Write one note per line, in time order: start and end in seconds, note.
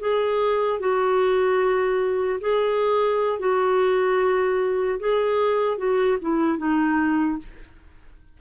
0.00 0.80 G#4
0.80 2.40 F#4
2.41 3.40 G#4
3.40 5.00 F#4
5.00 5.78 G#4
5.78 6.18 F#4
6.22 6.59 E4
6.59 7.39 D#4